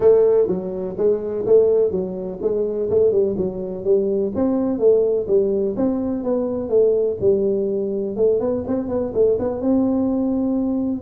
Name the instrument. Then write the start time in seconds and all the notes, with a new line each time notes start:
tuba
0.00 A3
0.47 F#3
0.97 G#3
1.45 A3
1.91 F#3
2.41 G#3
2.90 A3
3.11 G3
3.37 F#3
3.84 G3
4.35 C4
4.78 A3
5.27 G3
5.76 C4
6.23 B3
6.69 A3
7.20 G3
8.16 A3
8.40 B3
8.67 C4
8.88 B3
9.14 A3
9.39 B3
9.61 C4